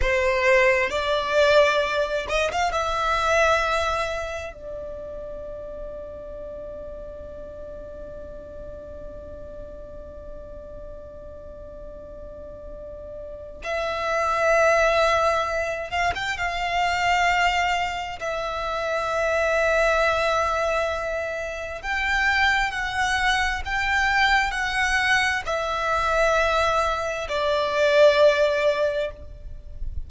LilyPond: \new Staff \with { instrumentName = "violin" } { \time 4/4 \tempo 4 = 66 c''4 d''4. dis''16 f''16 e''4~ | e''4 d''2.~ | d''1~ | d''2. e''4~ |
e''4. f''16 g''16 f''2 | e''1 | g''4 fis''4 g''4 fis''4 | e''2 d''2 | }